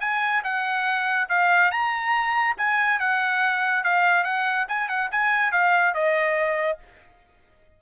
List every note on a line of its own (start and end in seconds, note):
0.00 0.42 G#5
0.44 1.28 F#5
1.29 1.71 F5
1.71 2.56 A#5
2.57 2.99 G#5
2.99 3.84 F#5
3.84 4.24 F5
4.24 4.66 F#5
4.68 4.88 G#5
4.88 5.09 F#5
5.11 5.52 G#5
5.52 5.94 F5
5.94 6.78 D#5